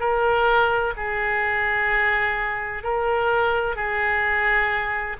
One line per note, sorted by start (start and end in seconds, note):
0.00 0.94 A#4
0.97 2.84 G#4
2.84 3.76 A#4
3.76 5.17 G#4